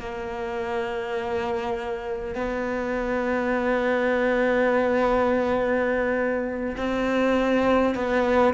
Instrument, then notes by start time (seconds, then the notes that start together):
cello
0.00 A#3
2.35 B3
6.78 C4
7.95 B3